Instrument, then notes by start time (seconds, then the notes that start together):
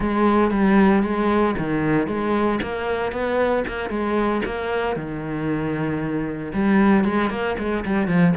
cello
0.00 G#3
0.51 G3
1.03 G#3
1.58 D#3
2.07 G#3
2.62 A#3
3.12 B3
3.67 A#3
3.89 G#3
4.45 A#3
4.96 D#3
6.53 G3
7.04 G#3
7.30 A#3
7.58 G#3
7.85 G3
8.07 F3